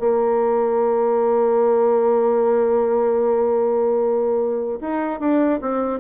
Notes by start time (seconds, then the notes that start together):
0.00 A#3
4.81 D#4
5.20 D4
5.62 C4